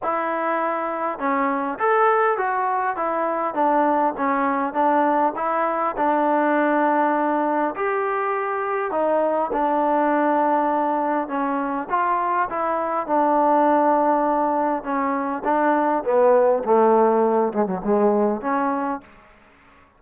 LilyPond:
\new Staff \with { instrumentName = "trombone" } { \time 4/4 \tempo 4 = 101 e'2 cis'4 a'4 | fis'4 e'4 d'4 cis'4 | d'4 e'4 d'2~ | d'4 g'2 dis'4 |
d'2. cis'4 | f'4 e'4 d'2~ | d'4 cis'4 d'4 b4 | a4. gis16 fis16 gis4 cis'4 | }